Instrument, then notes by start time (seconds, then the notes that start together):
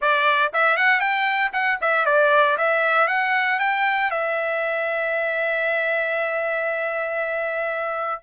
trumpet
0.01 D5
0.53 E5
0.76 F#5
1.00 G5
1.52 F#5
1.81 E5
2.05 D5
2.57 E5
3.07 F#5
3.59 G5
4.10 E5